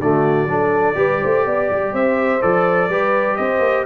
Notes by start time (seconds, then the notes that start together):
0.00 D3 A3 F#4 D5
0.46 F#3 D4 A4
0.95 G3 G4 B4
1.21 A3 C5
1.45 B3 D5
1.71 G3
1.93 C4 C5 E5
2.42 F3 A4 D5
2.89 G3 G4 B4
3.36 C4 C5 D#5
3.59 A#3